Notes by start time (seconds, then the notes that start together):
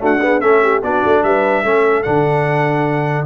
0.00 A3 D4 F#4 F#5
0.22 B3 G#4
0.41 A3 C#4 A4 E5
0.63 G4
0.83 B3 D4 F#4 D5
1.05 A3
1.23 G3 B4 E5
1.64 A3 C#4 A4
2.03 D3 D4 F#5